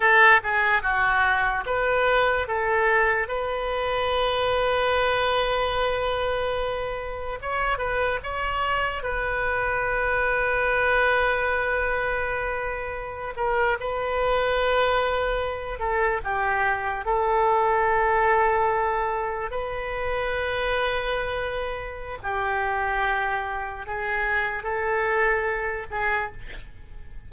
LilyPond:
\new Staff \with { instrumentName = "oboe" } { \time 4/4 \tempo 4 = 73 a'8 gis'8 fis'4 b'4 a'4 | b'1~ | b'4 cis''8 b'8 cis''4 b'4~ | b'1~ |
b'16 ais'8 b'2~ b'8 a'8 g'16~ | g'8. a'2. b'16~ | b'2. g'4~ | g'4 gis'4 a'4. gis'8 | }